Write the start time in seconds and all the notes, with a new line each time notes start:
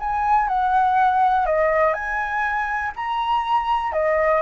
0.00 G#5
0.49 F#5
1.46 D#5
1.94 G#5
2.96 A#5
3.93 D#5